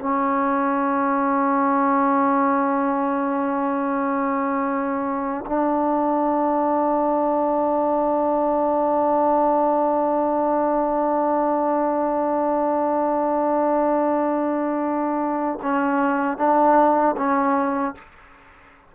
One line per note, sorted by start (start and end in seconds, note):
0.00 5.45 C#4
5.47 15.60 D4
15.63 16.38 C#4
16.38 17.16 D4
17.17 17.95 C#4